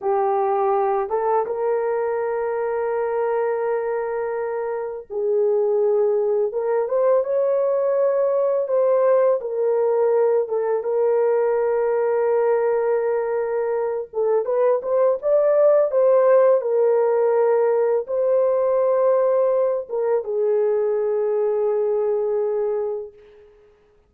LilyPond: \new Staff \with { instrumentName = "horn" } { \time 4/4 \tempo 4 = 83 g'4. a'8 ais'2~ | ais'2. gis'4~ | gis'4 ais'8 c''8 cis''2 | c''4 ais'4. a'8 ais'4~ |
ais'2.~ ais'8 a'8 | b'8 c''8 d''4 c''4 ais'4~ | ais'4 c''2~ c''8 ais'8 | gis'1 | }